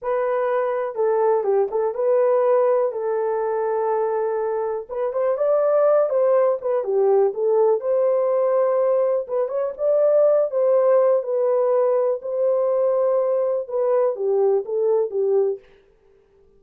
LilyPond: \new Staff \with { instrumentName = "horn" } { \time 4/4 \tempo 4 = 123 b'2 a'4 g'8 a'8 | b'2 a'2~ | a'2 b'8 c''8 d''4~ | d''8 c''4 b'8 g'4 a'4 |
c''2. b'8 cis''8 | d''4. c''4. b'4~ | b'4 c''2. | b'4 g'4 a'4 g'4 | }